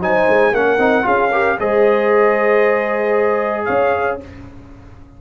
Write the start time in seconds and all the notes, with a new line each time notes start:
0.00 F#3 D#4 C5 G#5
0.28 G#3
0.52 A#3 C#4 A#4 F#5
0.78 C4 D#4
1.03 C#4 F4 G#4 F5
1.31 G4 A#4
1.59 G#3 G#4 C5 D#5
3.65 C#4 C#5 F5